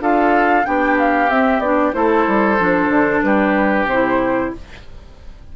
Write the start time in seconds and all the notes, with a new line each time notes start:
0.00 D4 F4 A4 F5
0.64 B3 D4 G4 G5
0.99 F5
1.30 C4 E5
1.59 B3 D4 D5
1.93 A3 E4 A4 C5
2.27 G3
2.59 F3 D4
2.89 D3
3.23 G3 G4 B4
3.85 C3 C5
3.92 E4